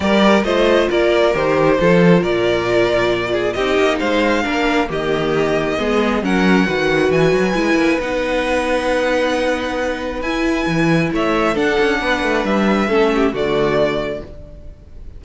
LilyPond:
<<
  \new Staff \with { instrumentName = "violin" } { \time 4/4 \tempo 4 = 135 d''4 dis''4 d''4 c''4~ | c''4 d''2. | dis''4 f''2 dis''4~ | dis''2 fis''2 |
gis''2 fis''2~ | fis''2. gis''4~ | gis''4 e''4 fis''2 | e''2 d''2 | }
  \new Staff \with { instrumentName = "violin" } { \time 4/4 ais'4 c''4 ais'2 | a'4 ais'2~ ais'8 gis'8 | g'4 c''4 ais'4 g'4~ | g'4 gis'4 ais'4 b'4~ |
b'1~ | b'1~ | b'4 cis''4 a'4 b'4~ | b'4 a'8 g'8 fis'2 | }
  \new Staff \with { instrumentName = "viola" } { \time 4/4 g'4 f'2 g'4 | f'1 | dis'2 d'4 ais4~ | ais4 b4 cis'4 fis'4~ |
fis'4 e'4 dis'2~ | dis'2. e'4~ | e'2 d'2~ | d'4 cis'4 a2 | }
  \new Staff \with { instrumentName = "cello" } { \time 4/4 g4 a4 ais4 dis4 | f4 ais,2. | c'8 ais8 gis4 ais4 dis4~ | dis4 gis4 fis4 dis4 |
e8 fis8 gis8 ais8 b2~ | b2. e'4 | e4 a4 d'8 cis'8 b8 a8 | g4 a4 d2 | }
>>